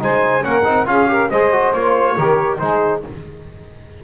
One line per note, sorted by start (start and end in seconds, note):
0.00 0.45 G#3
0.00 0.42 D#4
0.00 0.46 C5
0.00 0.45 G#5
0.42 0.66 A#3
0.42 0.63 C#4
0.42 0.89 A#4
0.42 0.88 F#5
0.65 0.87 C4
0.65 0.86 D#4
0.86 1.30 C#4
0.86 1.07 F4
0.86 1.10 G#4
0.86 1.31 F5
1.08 1.29 G4
1.08 1.31 A#4
1.31 1.74 G#3
1.31 1.53 G#4
1.31 2.15 C5
1.31 1.73 D#5
1.53 1.74 F#4
1.73 2.17 A#3
1.73 2.19 F4
1.73 2.58 C#5
2.15 2.61 D#3
2.15 2.60 G4
2.15 2.59 A#4
2.58 3.04 G#3
2.58 3.03 D#4
2.58 3.04 G#4
2.58 3.02 C5